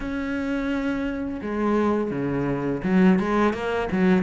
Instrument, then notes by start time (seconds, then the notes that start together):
cello
0.00 C#4
1.41 G#3
2.10 C#3
2.83 F#3
3.19 G#3
3.53 A#3
3.91 F#3